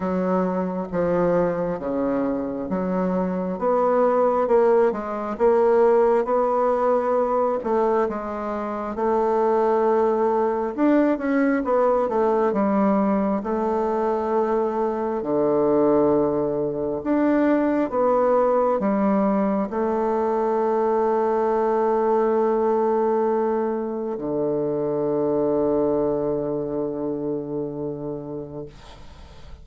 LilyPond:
\new Staff \with { instrumentName = "bassoon" } { \time 4/4 \tempo 4 = 67 fis4 f4 cis4 fis4 | b4 ais8 gis8 ais4 b4~ | b8 a8 gis4 a2 | d'8 cis'8 b8 a8 g4 a4~ |
a4 d2 d'4 | b4 g4 a2~ | a2. d4~ | d1 | }